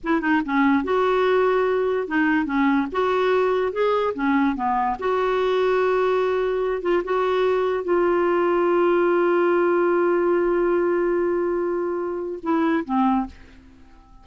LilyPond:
\new Staff \with { instrumentName = "clarinet" } { \time 4/4 \tempo 4 = 145 e'8 dis'8 cis'4 fis'2~ | fis'4 dis'4 cis'4 fis'4~ | fis'4 gis'4 cis'4 b4 | fis'1~ |
fis'8 f'8 fis'2 f'4~ | f'1~ | f'1~ | f'2 e'4 c'4 | }